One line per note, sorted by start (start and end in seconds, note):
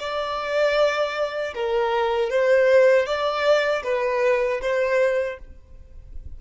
0.00 1.54 D5
1.55 2.30 A#4
2.30 3.06 C5
3.06 3.83 D5
3.84 4.61 B4
4.62 5.38 C5